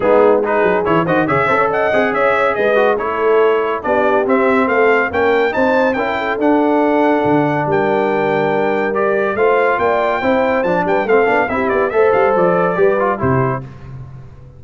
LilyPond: <<
  \new Staff \with { instrumentName = "trumpet" } { \time 4/4 \tempo 4 = 141 gis'4 b'4 cis''8 dis''8 e''4 | fis''4 e''4 dis''4 cis''4~ | cis''4 d''4 e''4 f''4 | g''4 a''4 g''4 fis''4~ |
fis''2 g''2~ | g''4 d''4 f''4 g''4~ | g''4 a''8 g''8 f''4 e''8 d''8 | e''8 f''8 d''2 c''4 | }
  \new Staff \with { instrumentName = "horn" } { \time 4/4 dis'4 gis'4. c''8 cis''8 c''16 cis''16 | dis''4 cis''4 b'4 a'4~ | a'4 g'2 a'4 | ais'4 c''4 ais'8 a'4.~ |
a'2 ais'2~ | ais'2 c''4 d''4 | c''4. b'8 a'4 g'4 | c''2 b'4 g'4 | }
  \new Staff \with { instrumentName = "trombone" } { \time 4/4 b4 dis'4 e'8 fis'8 gis'8 a'8~ | a'8 gis'2 fis'8 e'4~ | e'4 d'4 c'2 | cis'4 dis'4 e'4 d'4~ |
d'1~ | d'4 g'4 f'2 | e'4 d'4 c'8 d'8 e'4 | a'2 g'8 f'8 e'4 | }
  \new Staff \with { instrumentName = "tuba" } { \time 4/4 gis4. fis8 e8 dis8 cis8 cis'8~ | cis'8 c'8 cis'4 gis4 a4~ | a4 b4 c'4 a4 | ais4 c'4 cis'4 d'4~ |
d'4 d4 g2~ | g2 a4 ais4 | c'4 f8 g8 a8 b8 c'8 b8 | a8 g8 f4 g4 c4 | }
>>